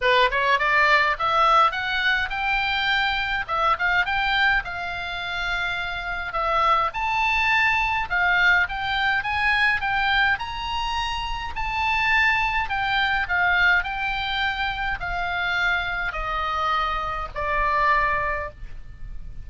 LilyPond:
\new Staff \with { instrumentName = "oboe" } { \time 4/4 \tempo 4 = 104 b'8 cis''8 d''4 e''4 fis''4 | g''2 e''8 f''8 g''4 | f''2. e''4 | a''2 f''4 g''4 |
gis''4 g''4 ais''2 | a''2 g''4 f''4 | g''2 f''2 | dis''2 d''2 | }